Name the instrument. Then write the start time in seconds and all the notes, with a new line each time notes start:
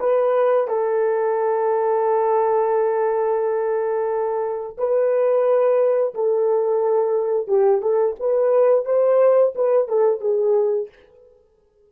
horn
0.00 B4
0.68 A4
4.78 B4
6.15 A4
7.48 G4
7.82 A4
8.20 B4
8.86 C5
9.55 B4
9.88 A4
10.21 G#4